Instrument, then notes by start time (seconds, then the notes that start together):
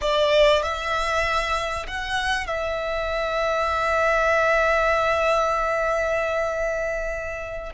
violin
0.01 D5
0.62 E5
1.87 F#5
2.47 E5